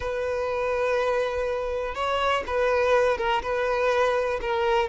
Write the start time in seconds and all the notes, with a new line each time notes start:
0.00 B4
1.94 C#5
2.47 B4
3.17 A#4
3.42 B4
4.41 A#4